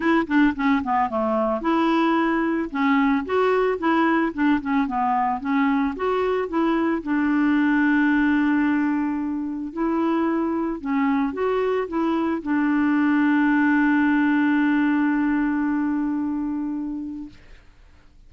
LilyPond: \new Staff \with { instrumentName = "clarinet" } { \time 4/4 \tempo 4 = 111 e'8 d'8 cis'8 b8 a4 e'4~ | e'4 cis'4 fis'4 e'4 | d'8 cis'8 b4 cis'4 fis'4 | e'4 d'2.~ |
d'2 e'2 | cis'4 fis'4 e'4 d'4~ | d'1~ | d'1 | }